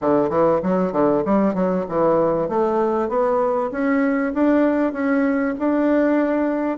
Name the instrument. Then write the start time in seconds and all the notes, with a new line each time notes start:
bassoon
0.01 D3
0.29 E3
0.62 F#3
0.92 D3
1.25 G3
1.54 F#3
1.89 E3
2.49 A3
3.08 B3
3.71 C#4
4.34 D4
4.92 C#4
5.58 D4